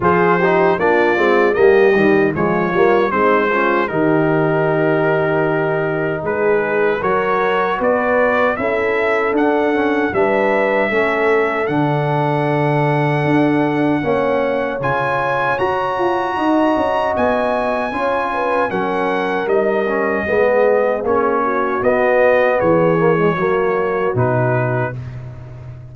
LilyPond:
<<
  \new Staff \with { instrumentName = "trumpet" } { \time 4/4 \tempo 4 = 77 c''4 d''4 dis''4 cis''4 | c''4 ais'2. | b'4 cis''4 d''4 e''4 | fis''4 e''2 fis''4~ |
fis''2. gis''4 | ais''2 gis''2 | fis''4 dis''2 cis''4 | dis''4 cis''2 b'4 | }
  \new Staff \with { instrumentName = "horn" } { \time 4/4 gis'8 g'8 f'4 g'4 f'4 | dis'8 f'8 g'2. | gis'4 ais'4 b'4 a'4~ | a'4 b'4 a'2~ |
a'2 cis''2~ | cis''4 dis''2 cis''8 b'8 | ais'2 gis'4. fis'8~ | fis'4 gis'4 fis'2 | }
  \new Staff \with { instrumentName = "trombone" } { \time 4/4 f'8 dis'8 d'8 c'8 ais8 g8 gis8 ais8 | c'8 cis'8 dis'2.~ | dis'4 fis'2 e'4 | d'8 cis'8 d'4 cis'4 d'4~ |
d'2 cis'4 f'4 | fis'2. f'4 | cis'4 dis'8 cis'8 b4 cis'4 | b4. ais16 gis16 ais4 dis'4 | }
  \new Staff \with { instrumentName = "tuba" } { \time 4/4 f4 ais8 gis8 g8 dis8 f8 g8 | gis4 dis2. | gis4 fis4 b4 cis'4 | d'4 g4 a4 d4~ |
d4 d'4 ais4 cis4 | fis'8 f'8 dis'8 cis'8 b4 cis'4 | fis4 g4 gis4 ais4 | b4 e4 fis4 b,4 | }
>>